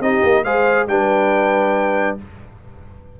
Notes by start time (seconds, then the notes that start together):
0.00 C4 D#4 G4 D#5
0.23 A#3
0.44 G#3 G#4 C5 F5
0.87 G3 D4 B4 G5